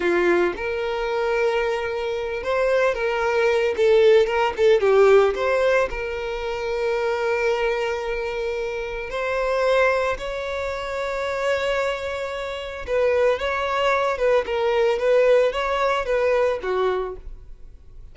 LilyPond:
\new Staff \with { instrumentName = "violin" } { \time 4/4 \tempo 4 = 112 f'4 ais'2.~ | ais'8 c''4 ais'4. a'4 | ais'8 a'8 g'4 c''4 ais'4~ | ais'1~ |
ais'4 c''2 cis''4~ | cis''1 | b'4 cis''4. b'8 ais'4 | b'4 cis''4 b'4 fis'4 | }